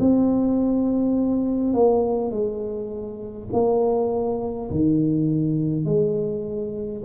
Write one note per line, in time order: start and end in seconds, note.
0.00 1.73 C4
1.73 2.31 A#3
2.31 3.49 G#3
3.52 4.70 A#3
4.71 5.85 D#3
5.85 7.03 G#3